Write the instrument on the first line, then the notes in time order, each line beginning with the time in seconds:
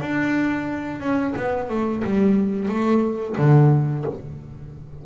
double bass
0.00 D4
1.00 C#4
1.36 B3
1.69 A3
2.04 G3
2.68 A3
3.37 D3